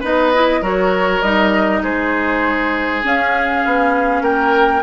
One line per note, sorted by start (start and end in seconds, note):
0.00 0.61 B3
0.00 0.33 D#4
0.00 0.60 B4
0.00 0.65 D#5
0.34 0.62 E4
0.61 1.21 F#3
0.61 1.22 F#4
0.61 1.82 A#4
0.61 1.22 C#5
1.22 1.82 G3
1.22 3.03 D#4
1.22 1.82 D#5
1.82 3.03 G#3
1.82 4.22 G#4
1.82 3.03 C5
3.03 4.83 C#4
3.03 3.64 C#4
3.03 4.23 F5
3.65 4.21 B3
4.21 4.81 A#3
4.21 4.83 A#4
4.21 4.83 G5